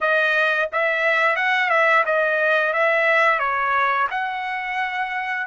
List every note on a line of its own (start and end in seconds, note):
0.01 0.69 D#5
0.72 1.36 E5
1.36 1.69 F#5
1.69 2.03 E5
2.05 2.73 D#5
2.73 3.39 E5
3.39 4.07 C#5
4.10 5.46 F#5